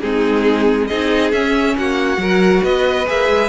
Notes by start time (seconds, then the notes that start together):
0.00 G#3 C4 D#4 G#4
0.87 C4 D#4 G#4 D#5
1.32 C#4 E5
1.77 A#3 F#4 F#5
2.16 F#3 F#4 A#4
2.62 B3 B4 D#5
3.07 A#3 G#4 E5
3.28 G#3